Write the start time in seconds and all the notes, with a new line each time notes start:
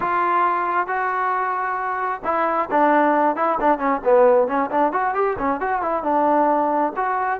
0.00 F4
0.87 F#4
2.24 E4
2.70 D4
3.35 E4
3.60 D4
3.78 C#4
4.04 B3
4.47 C#4
4.70 D4
4.92 F#4
5.14 G4
5.38 C#4
5.60 F#4
5.81 E4
6.03 D4
6.96 F#4